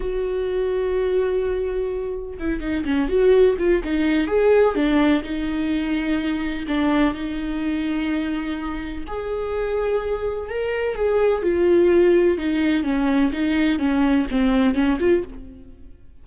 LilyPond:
\new Staff \with { instrumentName = "viola" } { \time 4/4 \tempo 4 = 126 fis'1~ | fis'4 e'8 dis'8 cis'8 fis'4 f'8 | dis'4 gis'4 d'4 dis'4~ | dis'2 d'4 dis'4~ |
dis'2. gis'4~ | gis'2 ais'4 gis'4 | f'2 dis'4 cis'4 | dis'4 cis'4 c'4 cis'8 f'8 | }